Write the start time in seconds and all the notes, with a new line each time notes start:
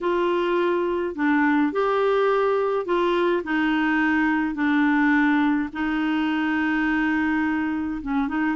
0.01 F4
1.15 D4
1.72 G4
2.85 F4
3.44 D#4
4.54 D4
5.72 D#4
8.02 C#4
8.28 D#4